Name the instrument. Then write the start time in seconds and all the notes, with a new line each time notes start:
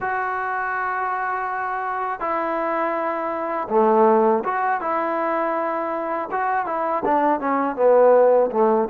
trombone
0.00 F#4
2.20 E4
3.69 A3
4.44 F#4
4.80 E4
6.31 F#4
6.66 E4
7.04 D4
7.39 C#4
7.76 B3
8.52 A3